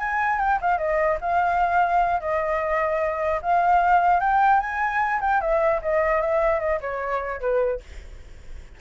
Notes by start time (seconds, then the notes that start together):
0.00 G#5
0.40 G5
0.61 F5
0.78 D#5
1.21 F5
2.21 D#5
3.42 F5
4.21 G5
4.60 G#5
5.21 G5
5.41 E5
5.83 D#5
6.22 E5
6.60 D#5
6.81 C#5
7.41 B4